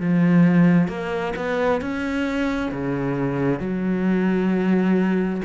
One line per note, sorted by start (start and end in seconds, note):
0.00 0.88 F3
0.88 1.33 A#3
1.36 1.81 B3
1.81 2.71 C#4
2.71 3.60 C#3
3.60 5.42 F#3